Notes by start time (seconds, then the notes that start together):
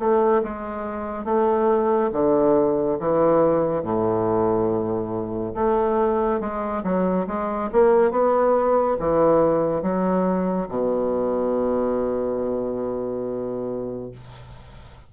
0.00 A3
0.44 G#3
1.25 A3
2.13 D3
3.00 E3
3.83 A2
5.55 A3
6.41 G#3
6.84 F#3
7.27 G#3
7.73 A#3
8.12 B3
9.00 E3
9.83 F#3
10.69 B2